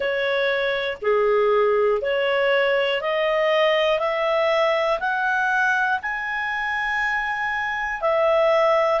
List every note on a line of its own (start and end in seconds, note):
0.00 0.97 C#5
1.01 2.01 G#4
2.01 3.01 C#5
3.01 3.99 D#5
3.99 4.99 E5
5.00 6.00 F#5
6.01 8.00 G#5
8.00 9.00 E5